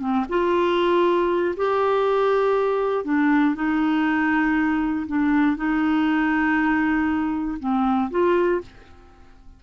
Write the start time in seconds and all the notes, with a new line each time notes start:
0.00 C4
0.29 F4
1.57 G4
3.05 D4
3.55 D#4
5.07 D4
5.56 D#4
7.60 C4
8.11 F4